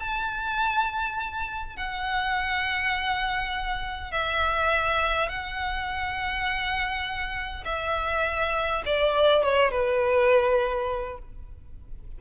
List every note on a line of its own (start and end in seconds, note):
0.00 1.76 A5
1.77 4.12 F#5
4.12 5.29 E5
5.29 7.64 F#5
7.65 8.83 E5
8.86 9.43 D5
9.43 9.72 C#5
9.72 11.19 B4